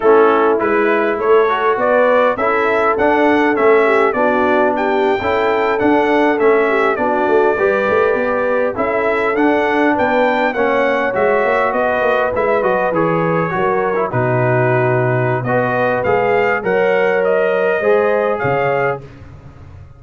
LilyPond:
<<
  \new Staff \with { instrumentName = "trumpet" } { \time 4/4 \tempo 4 = 101 a'4 b'4 cis''4 d''4 | e''4 fis''4 e''4 d''4 | g''4.~ g''16 fis''4 e''4 d''16~ | d''2~ d''8. e''4 fis''16~ |
fis''8. g''4 fis''4 e''4 dis''16~ | dis''8. e''8 dis''8 cis''2 b'16~ | b'2 dis''4 f''4 | fis''4 dis''2 f''4 | }
  \new Staff \with { instrumentName = "horn" } { \time 4/4 e'2 a'4 b'4 | a'2~ a'8 g'8 fis'4 | g'8. a'2~ a'8 g'8 fis'16~ | fis'8. b'2 a'4~ a'16~ |
a'8. b'4 cis''2 b'16~ | b'2~ b'8. ais'4 fis'16~ | fis'2 b'2 | cis''2 c''4 cis''4 | }
  \new Staff \with { instrumentName = "trombone" } { \time 4/4 cis'4 e'4. fis'4. | e'4 d'4 cis'4 d'4~ | d'8. e'4 d'4 cis'4 d'16~ | d'8. g'2 e'4 d'16~ |
d'4.~ d'16 cis'4 fis'4~ fis'16~ | fis'8. e'8 fis'8 gis'4 fis'8. e'16 dis'16~ | dis'2 fis'4 gis'4 | ais'2 gis'2 | }
  \new Staff \with { instrumentName = "tuba" } { \time 4/4 a4 gis4 a4 b4 | cis'4 d'4 a4 b4~ | b8. cis'4 d'4 a4 b16~ | b16 a8 g8 a8 b4 cis'4 d'16~ |
d'8. b4 ais4 gis8 ais8 b16~ | b16 ais8 gis8 fis8 e4 fis4 b,16~ | b,2 b4 gis4 | fis2 gis4 cis4 | }
>>